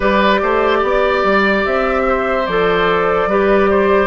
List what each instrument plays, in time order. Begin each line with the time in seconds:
0.00 bassoon G3, clarinet G4, oboe B4, flute D5
0.42 bassoon A3, oboe C5
0.78 bassoon B3, oboe D5
1.23 bassoon G3
1.65 bassoon C4, flute E5
2.08 oboe C5
2.46 bassoon F3, clarinet A4, flute D5
3.26 bassoon G3, clarinet G4, oboe B4
3.70 oboe C5